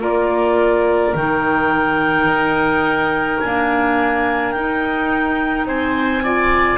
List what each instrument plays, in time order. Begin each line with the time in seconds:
0.00 double bass A#3, clarinet F4 D5, oboe A#4
1.14 double bass D#3, clarinet D#4 G5
2.25 double bass D#4
3.39 clarinet A#3 G#5, double bass D4
4.51 clarinet D#4 G5, double bass D#4
5.65 double bass C4, oboe C5, clarinet G#5
6.23 clarinet F4, oboe D5